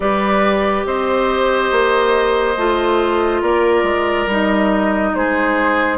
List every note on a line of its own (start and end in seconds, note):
0.00 0.84 G3
0.00 2.56 G4
0.00 0.86 B4
0.00 0.85 D5
0.85 1.71 C4
0.85 3.41 C5
0.85 3.42 D#5
1.71 2.56 A#3
2.56 3.42 A3
2.56 4.29 F4
3.41 3.82 A#3
3.41 5.12 A#4
3.41 4.28 D5
3.82 4.25 G#3
4.26 5.12 G3
4.26 5.97 D#4
4.26 5.15 D#5
5.14 5.97 G#3
5.14 5.97 G#4
5.14 5.97 C5